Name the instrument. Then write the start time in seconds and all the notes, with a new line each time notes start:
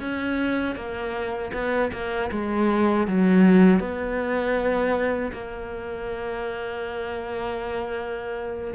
cello
0.00 C#4
0.76 A#3
1.53 B3
1.93 A#3
2.31 G#3
3.07 F#3
3.79 B3
5.32 A#3